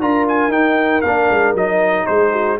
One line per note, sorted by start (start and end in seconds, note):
0.00 0.48 D4
0.00 0.51 F4
0.00 2.08 A#4
0.00 0.26 A#5
0.28 0.51 G#5
0.48 1.00 D#4
0.48 1.02 D#4
0.48 1.01 G5
1.01 1.29 A#3
1.01 1.56 D4
1.01 1.53 F5
1.30 1.54 G#3
1.54 2.05 F#3
1.54 2.59 D#4
1.54 2.06 D#5
2.06 2.59 G#3
2.06 2.31 G#4
2.06 2.57 C5
2.31 2.57 F#4